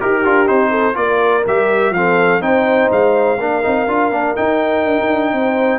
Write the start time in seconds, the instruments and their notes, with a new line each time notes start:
0.00 tuba D#4, trombone G4, horn G4, trumpet A#4
0.24 tuba D4, trombone F4
0.46 tuba C4, trombone D#4, trumpet C5
0.70 horn A4
0.94 tuba A#3, trombone F4, horn A#4, trumpet D5
1.47 tuba G3, trombone G4, trumpet E5
1.90 tuba F3, trombone C4, horn A4, trumpet F5
2.41 tuba C4, trombone D#4, horn C5, trumpet G5
2.91 tuba G#3, trumpet F5
3.39 tuba A#3, trombone D4, horn A#4
3.63 tuba C4, trombone D#4
3.88 tuba D4, trombone F4
4.11 tuba A#3, trombone D4
4.36 trombone D#4, tuba D#4, trumpet G5
4.85 tuba D4
5.00 tuba D#4
5.09 tuba D4
5.33 tuba C4, horn C5